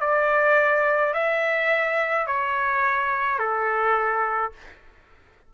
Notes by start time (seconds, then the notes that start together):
0.00 D5
1.13 E5
2.26 C#5
3.39 A4